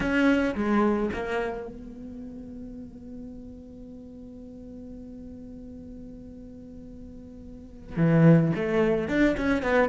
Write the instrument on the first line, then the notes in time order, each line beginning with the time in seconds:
cello
0.00 C#4
0.55 G#3
1.13 A#3
1.67 B3
7.97 E3
8.55 A3
9.08 D4
9.37 C#4
9.62 B3